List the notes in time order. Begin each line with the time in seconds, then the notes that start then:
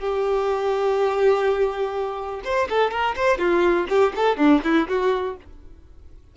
0.00 G4
2.45 C5
2.70 A4
2.91 A#4
3.16 C5
3.38 F4
3.89 G4
4.16 A4
4.37 D4
4.64 E4
4.89 F#4